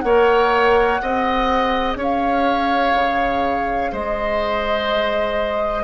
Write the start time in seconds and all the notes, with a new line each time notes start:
0.00 A#3 A#4 C#5 F#5
1.00 C4 G#4 D#5
1.96 C#4 C#5
2.02 F5
2.94 C#3
3.92 G#3 C5 D#5